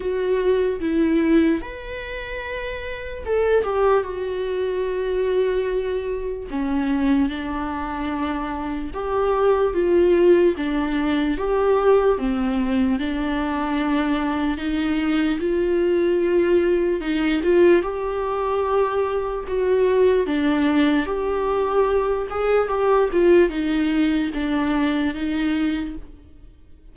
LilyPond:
\new Staff \with { instrumentName = "viola" } { \time 4/4 \tempo 4 = 74 fis'4 e'4 b'2 | a'8 g'8 fis'2. | cis'4 d'2 g'4 | f'4 d'4 g'4 c'4 |
d'2 dis'4 f'4~ | f'4 dis'8 f'8 g'2 | fis'4 d'4 g'4. gis'8 | g'8 f'8 dis'4 d'4 dis'4 | }